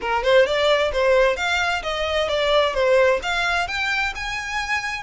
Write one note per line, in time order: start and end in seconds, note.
0.01 0.23 A#4
0.23 0.45 C5
0.45 0.91 D5
0.92 1.36 C5
1.36 1.82 F5
1.82 2.28 D#5
2.28 2.74 D5
2.74 3.19 C5
3.22 3.67 F5
3.67 4.13 G5
4.15 5.03 G#5